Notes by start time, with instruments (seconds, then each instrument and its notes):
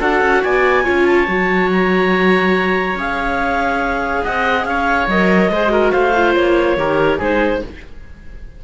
0.00 cello D4, viola F#4, oboe A4, clarinet F#5
0.21 cello C#4
0.43 cello B3, oboe D5, clarinet G#5
0.84 cello C#4, viola F4, oboe C#5
1.06 clarinet A5
1.28 cello F#3, viola F#4
1.72 clarinet A#5
2.95 cello C#4, viola G#4, clarinet F5
4.24 cello C4, oboe D#5, clarinet F#5
4.65 cello C#4, oboe C#5, clarinet F5
5.08 cello F#3, viola A#4, clarinet D#5
5.50 cello G#3, viola G#4, oboe C5
5.69 viola F#4, oboe A#4
5.91 cello A3, oboe C5, clarinet F5
6.16 viola F4
6.35 cello A#3, clarinet C#5
6.77 cello D#3, viola G4, oboe A#4
7.18 cello G#3, viola D#4, oboe G#4, clarinet C5